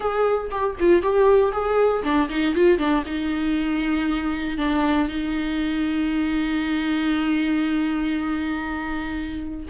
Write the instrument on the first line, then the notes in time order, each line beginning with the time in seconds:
viola
0.00 G#4
0.50 G4
0.79 F4
1.02 G4
1.52 G#4
2.03 D4
2.29 D#4
2.54 F4
2.78 D4
3.05 D#4
4.57 D4
5.08 D#4